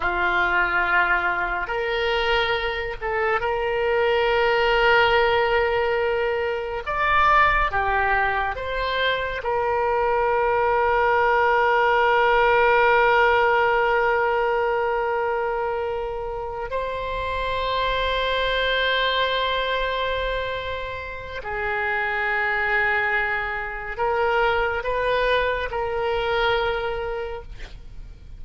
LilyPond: \new Staff \with { instrumentName = "oboe" } { \time 4/4 \tempo 4 = 70 f'2 ais'4. a'8 | ais'1 | d''4 g'4 c''4 ais'4~ | ais'1~ |
ais'2.~ ais'8 c''8~ | c''1~ | c''4 gis'2. | ais'4 b'4 ais'2 | }